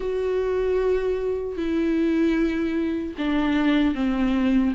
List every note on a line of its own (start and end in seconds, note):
0.00 1.56 F#4
1.56 3.14 E4
3.18 3.94 D4
3.94 4.73 C4